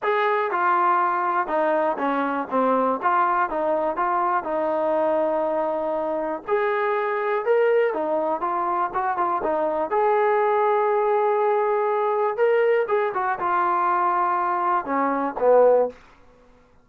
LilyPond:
\new Staff \with { instrumentName = "trombone" } { \time 4/4 \tempo 4 = 121 gis'4 f'2 dis'4 | cis'4 c'4 f'4 dis'4 | f'4 dis'2.~ | dis'4 gis'2 ais'4 |
dis'4 f'4 fis'8 f'8 dis'4 | gis'1~ | gis'4 ais'4 gis'8 fis'8 f'4~ | f'2 cis'4 b4 | }